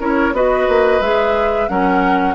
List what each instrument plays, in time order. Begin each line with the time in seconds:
0.00 bassoon C#4, clarinet E4, oboe A#4, flute C#5
0.33 bassoon B3, clarinet F#4, oboe B4, flute D#5
0.69 bassoon A#3
1.01 bassoon G#3, clarinet G#4, flute E5
1.69 bassoon F#3, clarinet C#4, oboe A#4, flute F#5